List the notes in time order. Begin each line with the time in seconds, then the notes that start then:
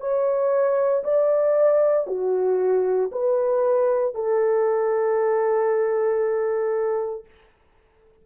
0.00 C#5
1.04 D5
2.07 F#4
3.12 B4
4.14 A4